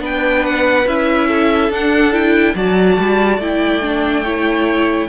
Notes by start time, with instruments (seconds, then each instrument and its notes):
0.00 cello B3, viola D4, violin B4 G5
0.46 violin F#5
0.87 cello C#4, viola E4, violin E5
1.28 violin A4
1.70 cello D4, viola D4, violin F#5
2.12 viola E4, violin G5
2.55 cello F#3, viola F#4, violin D5 A5
2.99 cello G3
3.38 cello A3, viola E4, violin G5
3.82 viola D4
4.24 viola E4, violin C#5